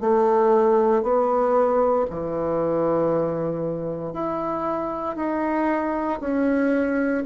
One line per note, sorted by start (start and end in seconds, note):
0.00 1.02 A3
1.02 2.05 B3
2.10 4.13 E3
4.13 5.15 E4
5.15 6.19 D#4
6.20 7.24 C#4